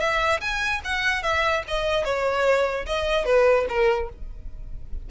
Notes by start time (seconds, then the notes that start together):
0.00 E5
0.41 G#5
0.84 F#5
1.23 E5
1.68 D#5
2.05 C#5
2.86 D#5
3.25 B4
3.69 A#4